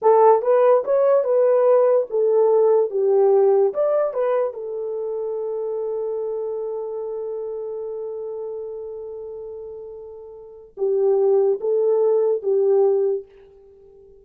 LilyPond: \new Staff \with { instrumentName = "horn" } { \time 4/4 \tempo 4 = 145 a'4 b'4 cis''4 b'4~ | b'4 a'2 g'4~ | g'4 d''4 b'4 a'4~ | a'1~ |
a'1~ | a'1~ | a'2 g'2 | a'2 g'2 | }